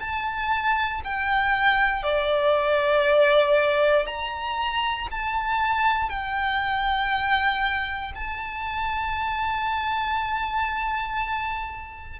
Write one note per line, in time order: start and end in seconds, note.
0.00 1.02 A5
1.04 2.03 G5
2.03 4.07 D5
4.07 5.08 A#5
5.11 6.10 A5
6.10 8.13 G5
8.15 12.20 A5